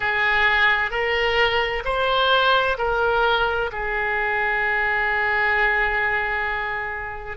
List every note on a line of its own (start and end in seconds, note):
0.00 0.90 G#4
0.90 1.83 A#4
1.85 2.77 C5
2.77 3.70 A#4
3.72 7.37 G#4